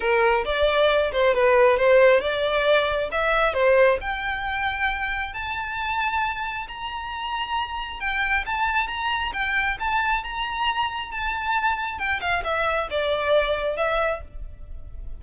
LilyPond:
\new Staff \with { instrumentName = "violin" } { \time 4/4 \tempo 4 = 135 ais'4 d''4. c''8 b'4 | c''4 d''2 e''4 | c''4 g''2. | a''2. ais''4~ |
ais''2 g''4 a''4 | ais''4 g''4 a''4 ais''4~ | ais''4 a''2 g''8 f''8 | e''4 d''2 e''4 | }